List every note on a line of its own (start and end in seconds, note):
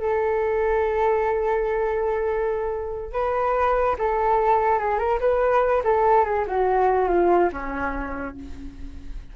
0.00 3.12 A4
3.13 3.96 B4
3.98 4.79 A4
4.79 4.99 G#4
4.99 5.20 A#4
5.20 5.83 B4
5.84 6.25 A4
6.25 6.46 G#4
6.48 7.09 F#4
7.09 7.50 F4
7.53 8.36 C#4